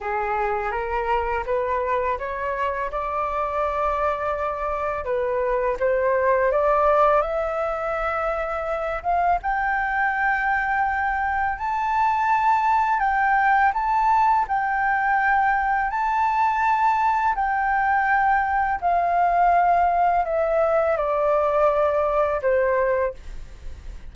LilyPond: \new Staff \with { instrumentName = "flute" } { \time 4/4 \tempo 4 = 83 gis'4 ais'4 b'4 cis''4 | d''2. b'4 | c''4 d''4 e''2~ | e''8 f''8 g''2. |
a''2 g''4 a''4 | g''2 a''2 | g''2 f''2 | e''4 d''2 c''4 | }